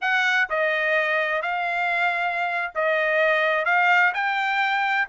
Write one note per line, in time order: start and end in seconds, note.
0.01 0.48 F#5
0.49 1.42 D#5
1.42 2.71 F5
2.74 3.65 D#5
3.65 4.12 F5
4.14 5.08 G5